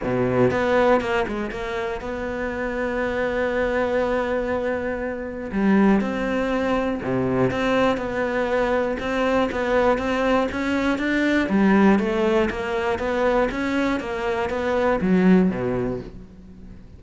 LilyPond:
\new Staff \with { instrumentName = "cello" } { \time 4/4 \tempo 4 = 120 b,4 b4 ais8 gis8 ais4 | b1~ | b2. g4 | c'2 c4 c'4 |
b2 c'4 b4 | c'4 cis'4 d'4 g4 | a4 ais4 b4 cis'4 | ais4 b4 fis4 b,4 | }